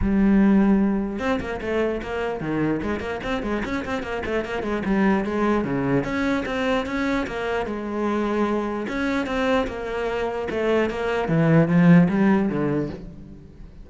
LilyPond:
\new Staff \with { instrumentName = "cello" } { \time 4/4 \tempo 4 = 149 g2. c'8 ais8 | a4 ais4 dis4 gis8 ais8 | c'8 gis8 cis'8 c'8 ais8 a8 ais8 gis8 | g4 gis4 cis4 cis'4 |
c'4 cis'4 ais4 gis4~ | gis2 cis'4 c'4 | ais2 a4 ais4 | e4 f4 g4 d4 | }